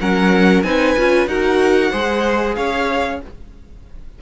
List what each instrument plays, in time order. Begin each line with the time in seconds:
0.00 cello F#3, viola C#4, violin A#4 F#5
0.62 cello C4, viola D#4, violin B4 G#5
0.97 cello C#4, viola F4
1.26 cello D#4, viola F#4, violin A#4 F#5
1.90 cello G#3, viola G#4, violin C5
2.55 cello C#4, violin C#5 F5